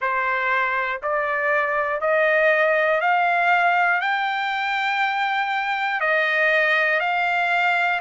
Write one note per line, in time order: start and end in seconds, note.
0.01 1.01 C5
1.02 2.00 D5
2.00 3.00 D#5
3.00 4.00 F5
4.00 6.00 G5
6.00 7.00 D#5
7.00 8.00 F5